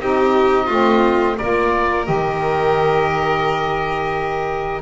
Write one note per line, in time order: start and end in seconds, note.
0.00 0.69 C4
0.00 0.68 D#4
0.00 0.66 G4
0.00 1.37 D#5
0.66 1.38 A3
0.66 1.37 C4
0.66 1.35 F4
1.37 2.08 A#3
1.37 2.04 F4
1.37 4.82 A#4
1.37 2.06 D5
2.04 4.82 D#3
2.04 4.80 G4
2.04 4.82 D#5